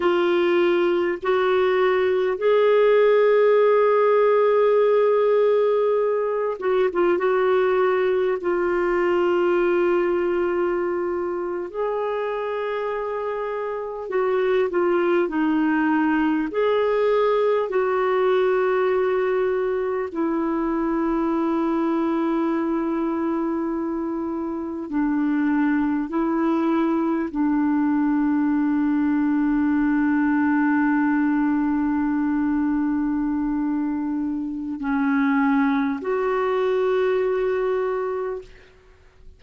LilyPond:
\new Staff \with { instrumentName = "clarinet" } { \time 4/4 \tempo 4 = 50 f'4 fis'4 gis'2~ | gis'4. fis'16 f'16 fis'4 f'4~ | f'4.~ f'16 gis'2 fis'16~ | fis'16 f'8 dis'4 gis'4 fis'4~ fis'16~ |
fis'8. e'2.~ e'16~ | e'8. d'4 e'4 d'4~ d'16~ | d'1~ | d'4 cis'4 fis'2 | }